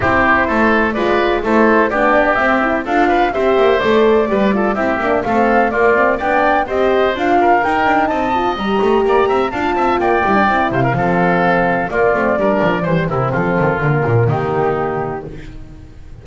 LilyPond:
<<
  \new Staff \with { instrumentName = "flute" } { \time 4/4 \tempo 4 = 126 c''2 d''4 c''4 | d''4 e''4 f''4 e''4 | d''2 e''4 f''4 | d''4 g''4 dis''4 f''4 |
g''4 a''4 ais''2 | a''4 g''4. f''4.~ | f''4 d''2 c''8 ais'8 | a'4 ais'4 g'2 | }
  \new Staff \with { instrumentName = "oboe" } { \time 4/4 g'4 a'4 b'4 a'4 | g'2 a'8 b'8 c''4~ | c''4 b'8 a'8 g'4 a'4 | f'4 d''4 c''4. ais'8~ |
ais'4 dis''2 d''8 e''8 | f''8 e''8 d''4. c''16 ais'16 a'4~ | a'4 f'4 ais'4 c''8 e'8 | f'2 dis'2 | }
  \new Staff \with { instrumentName = "horn" } { \time 4/4 e'2 f'4 e'4 | d'4 c'8 e'8 f'4 g'4 | a'4 g'8 f'8 e'8 d'8 c'4 | ais8 c'8 d'4 g'4 f'4 |
dis'4. f'8 g'2 | f'4. e'16 d'16 e'4 c'4~ | c'4 ais8 c'8 d'4 g8 c'8~ | c'4 ais2. | }
  \new Staff \with { instrumentName = "double bass" } { \time 4/4 c'4 a4 gis4 a4 | b4 c'4 d'4 c'8 ais8 | a4 g4 c'8 ais8 a4 | ais4 b4 c'4 d'4 |
dis'8 d'8 c'4 g8 a8 ais8 c'8 | d'8 c'8 ais8 g8 c'8 c8 f4~ | f4 ais8 a8 g8 f8 e8 c8 | f8 dis8 d8 ais,8 dis2 | }
>>